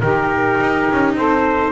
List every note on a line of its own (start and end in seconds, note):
0.00 0.59 D#3
0.00 1.72 D#4
0.00 1.16 G4
0.00 1.14 A#4
0.60 0.89 D#4
0.91 1.15 C#4
1.15 1.72 C4
1.15 1.72 A4
1.15 1.72 C5